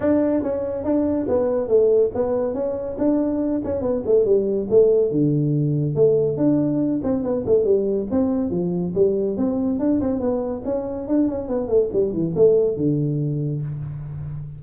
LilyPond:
\new Staff \with { instrumentName = "tuba" } { \time 4/4 \tempo 4 = 141 d'4 cis'4 d'4 b4 | a4 b4 cis'4 d'4~ | d'8 cis'8 b8 a8 g4 a4 | d2 a4 d'4~ |
d'8 c'8 b8 a8 g4 c'4 | f4 g4 c'4 d'8 c'8 | b4 cis'4 d'8 cis'8 b8 a8 | g8 e8 a4 d2 | }